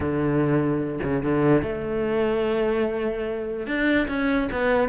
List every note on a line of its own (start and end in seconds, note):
0.00 0.99 D3
1.03 1.23 C#3
1.23 1.62 D3
1.62 3.66 A3
3.66 4.07 D4
4.07 4.48 C#4
4.52 4.89 B3